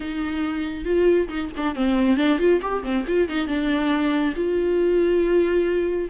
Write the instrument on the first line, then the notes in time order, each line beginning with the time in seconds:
viola
0.00 D#4
0.84 F4
1.28 D#4
1.56 D4
1.75 C4
2.16 D4
2.38 F4
2.61 G4
2.83 C4
3.07 F4
3.28 D#4
3.47 D4
4.35 F4